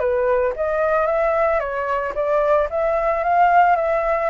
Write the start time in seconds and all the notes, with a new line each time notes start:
0.00 B4
0.56 D#5
1.07 E5
1.60 C#5
2.15 D5
2.71 E5
3.24 F5
3.76 E5